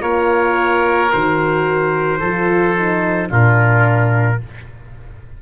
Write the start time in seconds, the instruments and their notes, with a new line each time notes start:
0.00 tuba A#3, horn F4, oboe A#4, trumpet C#5
1.12 tuba D#3, horn F#4, trumpet C5
2.19 tuba F3, horn F4, oboe A4
2.77 horn D#4
3.28 tuba A#2, horn D4, oboe F4, trumpet A#4